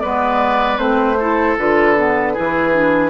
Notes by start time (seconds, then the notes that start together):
0.00 G#3 B3 B4 D5
0.77 A3 C4 C5
1.19 E4 A4
1.58 D3 F4 B4
1.96 B3
2.33 E3 E4 G#4
2.73 D4